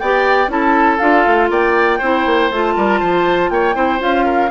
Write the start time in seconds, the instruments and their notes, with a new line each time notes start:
0.00 bassoon B3, clarinet G4, oboe D5, flute G5
0.48 bassoon C#4, clarinet E4, oboe A4, flute A5
0.99 bassoon D4, clarinet F4, flute F5
1.27 bassoon A3
1.50 bassoon A#3, oboe D5, flute G5
1.98 bassoon C4, clarinet E4, oboe C5
2.26 bassoon A#3
2.51 bassoon A3, clarinet F4, flute A5
2.76 bassoon G3, oboe A#4
3.00 bassoon F3, oboe C5
3.50 bassoon A#3, oboe C#5, flute G5
3.75 bassoon C4, clarinet E4, oboe C5
3.99 bassoon C#4, clarinet F4, flute F5
4.26 oboe A#4